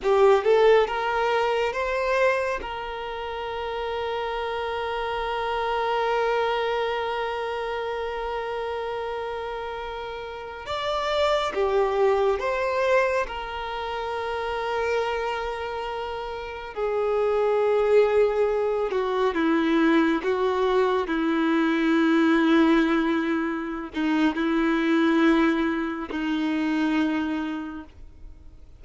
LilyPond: \new Staff \with { instrumentName = "violin" } { \time 4/4 \tempo 4 = 69 g'8 a'8 ais'4 c''4 ais'4~ | ais'1~ | ais'1~ | ais'16 d''4 g'4 c''4 ais'8.~ |
ais'2.~ ais'16 gis'8.~ | gis'4.~ gis'16 fis'8 e'4 fis'8.~ | fis'16 e'2.~ e'16 dis'8 | e'2 dis'2 | }